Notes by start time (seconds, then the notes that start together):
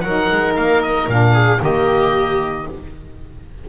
0.00 F#3 A#4 F#5
0.06 D#4
0.31 G#3
0.56 A#3 F5
0.82 D#5
1.07 A#2 D4 F5
1.33 G#4
1.59 D#3 A#3 G4 D#5